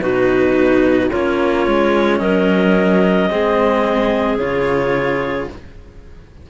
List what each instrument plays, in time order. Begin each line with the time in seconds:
0.00 cello B2 D#4, clarinet F#4 B4
1.10 cello A#3 C#4, clarinet F4 C#5
1.67 cello G#3
2.18 cello F#3, clarinet A#4 D#5
3.30 cello G#3 C4, clarinet G#4
4.38 cello C#3 F4, clarinet C#5